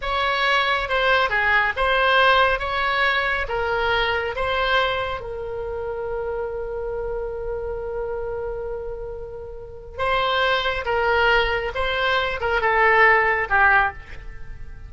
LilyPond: \new Staff \with { instrumentName = "oboe" } { \time 4/4 \tempo 4 = 138 cis''2 c''4 gis'4 | c''2 cis''2 | ais'2 c''2 | ais'1~ |
ais'1~ | ais'2. c''4~ | c''4 ais'2 c''4~ | c''8 ais'8 a'2 g'4 | }